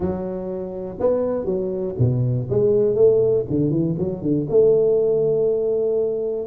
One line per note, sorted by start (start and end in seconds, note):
0.00 0.97 F#3
0.99 1.45 B3
1.45 1.94 F#3
1.98 2.48 B2
2.50 2.95 G#3
2.95 3.44 A3
3.50 3.70 D3
3.70 3.95 E3
3.98 4.22 F#3
4.22 4.47 D3
4.49 6.46 A3